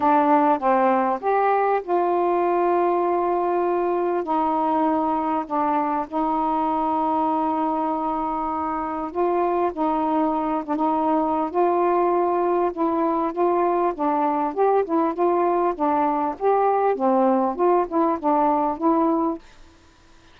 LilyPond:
\new Staff \with { instrumentName = "saxophone" } { \time 4/4 \tempo 4 = 99 d'4 c'4 g'4 f'4~ | f'2. dis'4~ | dis'4 d'4 dis'2~ | dis'2. f'4 |
dis'4. d'16 dis'4~ dis'16 f'4~ | f'4 e'4 f'4 d'4 | g'8 e'8 f'4 d'4 g'4 | c'4 f'8 e'8 d'4 e'4 | }